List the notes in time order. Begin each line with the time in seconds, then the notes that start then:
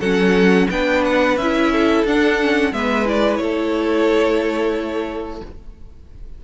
0.00 F#3 C#4 A4 F#5
0.70 B3 D4 B4 G5
1.04 F#5
1.36 C#4 E4 E5
1.72 A4
2.04 D4 F#5
2.41 C#4
2.72 G#3 B3 B4 E5
3.05 E4 D5
3.36 A3 A4 C#5